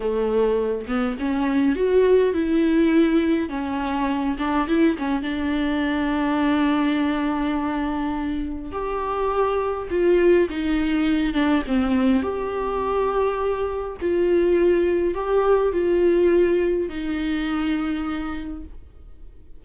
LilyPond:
\new Staff \with { instrumentName = "viola" } { \time 4/4 \tempo 4 = 103 a4. b8 cis'4 fis'4 | e'2 cis'4. d'8 | e'8 cis'8 d'2.~ | d'2. g'4~ |
g'4 f'4 dis'4. d'8 | c'4 g'2. | f'2 g'4 f'4~ | f'4 dis'2. | }